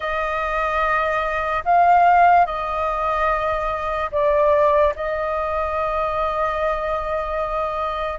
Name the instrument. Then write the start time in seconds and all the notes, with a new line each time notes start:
flute
0.00 D#5
1.64 F5
2.46 D#5
4.11 D5
4.95 D#5